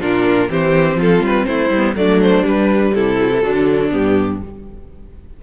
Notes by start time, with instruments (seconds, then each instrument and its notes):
0.00 cello A#2, viola D4, violin F4 A#4
0.47 cello E3, viola C4, violin G4 C5
0.95 cello F3, violin F4 A4
1.20 cello G3, violin B4
1.46 cello A3, violin E4 C5
1.70 cello G3
1.76 viola B3
1.95 cello F#3, viola A3, violin D4 D5
2.21 violin C5
2.43 viola G3, cello G3, violin B4
2.94 cello C3, violin E4 A4
3.20 viola F#3
3.28 viola E3
3.42 cello D3, viola F#3, violin D4
3.90 cello G2, viola B3, violin G4